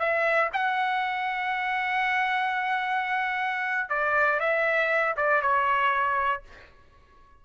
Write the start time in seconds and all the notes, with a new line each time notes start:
0.00 E5
0.53 F#5
3.90 D5
4.40 E5
5.17 D5
5.42 C#5